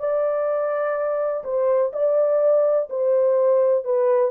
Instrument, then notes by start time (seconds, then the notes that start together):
horn
0.00 D5
1.44 C5
1.93 D5
2.90 C5
3.85 B4